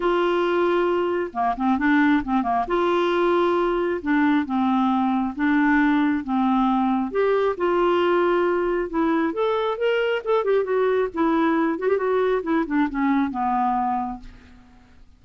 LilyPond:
\new Staff \with { instrumentName = "clarinet" } { \time 4/4 \tempo 4 = 135 f'2. ais8 c'8 | d'4 c'8 ais8 f'2~ | f'4 d'4 c'2 | d'2 c'2 |
g'4 f'2. | e'4 a'4 ais'4 a'8 g'8 | fis'4 e'4. fis'16 g'16 fis'4 | e'8 d'8 cis'4 b2 | }